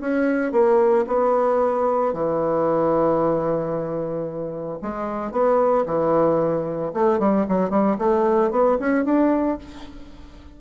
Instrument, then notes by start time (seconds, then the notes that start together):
bassoon
0.00 C#4
0.52 A#3
1.07 B3
2.13 E3
4.81 G#3
5.31 B3
5.86 E3
6.93 A3
7.19 G3
7.48 F#3
7.70 G3
7.98 A3
8.51 B3
8.79 C#4
9.05 D4